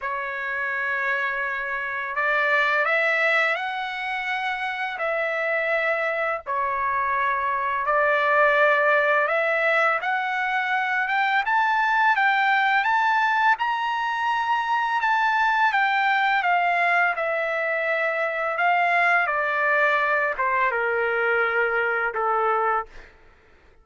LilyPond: \new Staff \with { instrumentName = "trumpet" } { \time 4/4 \tempo 4 = 84 cis''2. d''4 | e''4 fis''2 e''4~ | e''4 cis''2 d''4~ | d''4 e''4 fis''4. g''8 |
a''4 g''4 a''4 ais''4~ | ais''4 a''4 g''4 f''4 | e''2 f''4 d''4~ | d''8 c''8 ais'2 a'4 | }